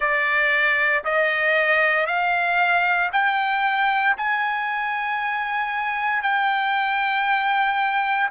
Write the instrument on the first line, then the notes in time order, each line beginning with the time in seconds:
trumpet
0.00 D5
1.04 D#5
2.06 F5
3.12 G5
4.17 G#5
6.22 G5